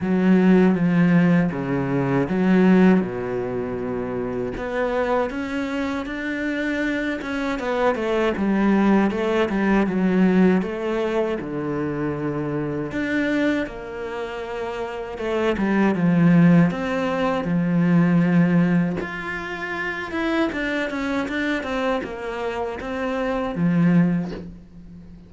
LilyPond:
\new Staff \with { instrumentName = "cello" } { \time 4/4 \tempo 4 = 79 fis4 f4 cis4 fis4 | b,2 b4 cis'4 | d'4. cis'8 b8 a8 g4 | a8 g8 fis4 a4 d4~ |
d4 d'4 ais2 | a8 g8 f4 c'4 f4~ | f4 f'4. e'8 d'8 cis'8 | d'8 c'8 ais4 c'4 f4 | }